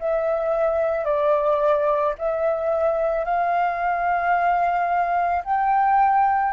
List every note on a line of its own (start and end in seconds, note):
0.00 1.05 E5
1.05 2.14 D5
2.19 3.25 E5
3.25 5.43 F5
5.44 6.53 G5